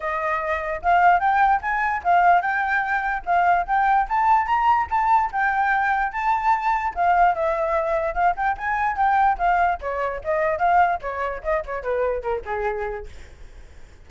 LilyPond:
\new Staff \with { instrumentName = "flute" } { \time 4/4 \tempo 4 = 147 dis''2 f''4 g''4 | gis''4 f''4 g''2 | f''4 g''4 a''4 ais''4 | a''4 g''2 a''4~ |
a''4 f''4 e''2 | f''8 g''8 gis''4 g''4 f''4 | cis''4 dis''4 f''4 cis''4 | dis''8 cis''8 b'4 ais'8 gis'4. | }